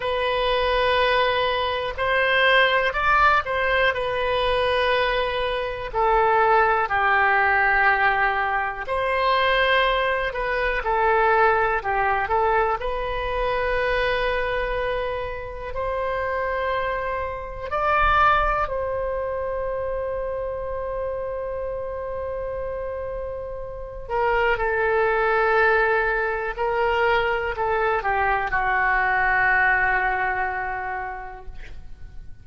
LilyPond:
\new Staff \with { instrumentName = "oboe" } { \time 4/4 \tempo 4 = 61 b'2 c''4 d''8 c''8 | b'2 a'4 g'4~ | g'4 c''4. b'8 a'4 | g'8 a'8 b'2. |
c''2 d''4 c''4~ | c''1~ | c''8 ais'8 a'2 ais'4 | a'8 g'8 fis'2. | }